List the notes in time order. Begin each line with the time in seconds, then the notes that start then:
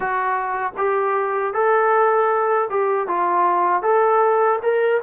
0.00 F#4
0.77 G4
1.53 A4
2.70 G4
3.07 F4
3.82 A4
4.62 A#4